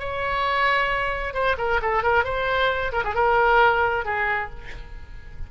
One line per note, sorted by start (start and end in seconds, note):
0.00 1.34 C#5
1.34 1.57 C5
1.59 1.81 A#4
1.82 2.03 A4
2.03 2.25 A#4
2.25 2.92 C5
2.93 3.04 A#4
3.05 3.15 G#4
3.15 4.05 A#4
4.05 4.51 G#4